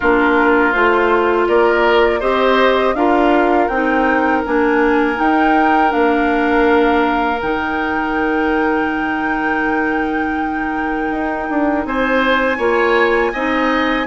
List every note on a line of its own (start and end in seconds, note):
0.00 0.74 A#3
0.00 0.74 D4
0.00 1.48 F4
0.00 0.72 A#4
0.72 1.48 A3
0.72 2.21 F4
0.72 1.46 C5
1.47 2.21 A#3
1.47 2.20 A#4
1.47 2.21 D5
2.20 2.94 C4
2.20 2.95 G4
2.20 2.94 C5
2.20 2.95 D#5
2.94 3.68 D4
2.94 3.70 F4
2.94 11.86 A#4
2.94 3.68 F5
3.68 4.42 C4
3.68 4.46 D#4
3.68 4.42 G5
4.46 5.18 A#3
4.46 5.15 D4
4.46 5.19 G#5
5.15 5.88 D#4
5.15 5.92 D#4
5.15 5.92 G5
5.88 7.42 A#3
5.88 7.37 D4
5.88 7.40 F5
7.41 11.10 D#3
7.41 12.59 D#4
7.41 11.85 G5
11.10 11.48 D#4
11.50 11.85 D4
11.85 12.58 C4
11.85 12.57 C5
11.85 14.06 G#5
12.57 13.32 A#3
12.57 13.33 F4
12.57 13.31 C#5
13.33 14.06 C4
13.33 14.06 D#4
13.33 14.06 D#5